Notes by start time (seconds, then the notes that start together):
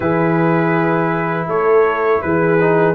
0.00 E3 E4 G#4 B4
1.46 A3 A4 C#5
2.21 E3 G#4 B4
2.60 D#4